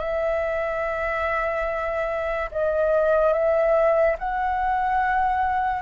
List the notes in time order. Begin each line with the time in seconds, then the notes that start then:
0.00 E5
2.52 D#5
3.33 E5
4.19 F#5